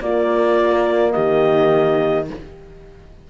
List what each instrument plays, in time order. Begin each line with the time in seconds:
0.00 horn A#3 F4, cello A#3, clarinet D5
1.12 cello D#3, horn G4, clarinet D#5